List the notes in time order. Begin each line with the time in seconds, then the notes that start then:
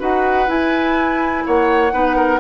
0.00 D#4 F#4 B4 F#5
0.47 E4 G#5
1.46 A#3 C#5 F#5
1.92 B3 D#4 B4
2.17 A#4